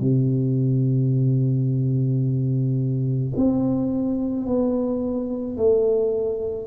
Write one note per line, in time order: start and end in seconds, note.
0.00 3.33 C3
3.37 4.46 C4
4.46 5.58 B3
5.58 6.68 A3